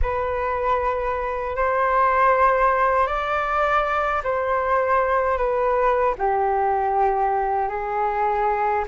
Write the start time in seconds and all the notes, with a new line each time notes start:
0.02 B4
1.56 C5
3.07 D5
4.23 C5
5.37 B4
6.17 G4
7.69 G#4